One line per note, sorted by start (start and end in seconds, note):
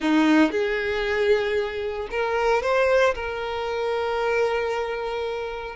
0.00 0.51 D#4
0.51 2.08 G#4
2.10 2.62 A#4
2.62 3.14 C5
3.14 5.75 A#4